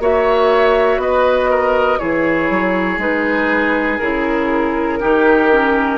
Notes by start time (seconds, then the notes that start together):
0.00 A#3 F#4 C#5 E5
0.97 B3 B4 D#5
1.50 A#4
1.99 E3 E4 G#4 C#5
2.50 F#3
2.98 G#3 D#4 B4
3.99 C#3 E4 A#4
5.00 D#3 D#4 G4
5.51 C#4